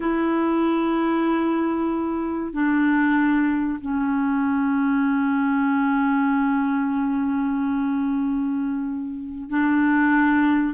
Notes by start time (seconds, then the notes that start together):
0.00 E4
2.52 D4
3.81 C#4
9.49 D4